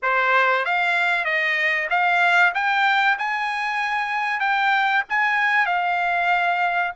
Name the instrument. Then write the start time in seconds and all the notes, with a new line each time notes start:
trumpet
0.02 C5
0.65 F5
1.25 D#5
1.90 F5
2.54 G5
3.18 G#5
4.40 G5
5.09 G#5
5.66 F5